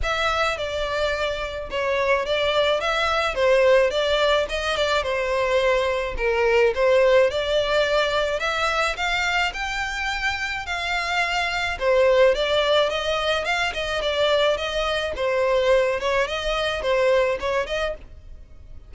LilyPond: \new Staff \with { instrumentName = "violin" } { \time 4/4 \tempo 4 = 107 e''4 d''2 cis''4 | d''4 e''4 c''4 d''4 | dis''8 d''8 c''2 ais'4 | c''4 d''2 e''4 |
f''4 g''2 f''4~ | f''4 c''4 d''4 dis''4 | f''8 dis''8 d''4 dis''4 c''4~ | c''8 cis''8 dis''4 c''4 cis''8 dis''8 | }